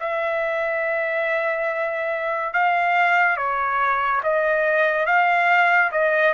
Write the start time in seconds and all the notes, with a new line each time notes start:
0.00 E5
2.54 F5
3.37 C#5
4.24 D#5
5.07 F5
5.92 D#5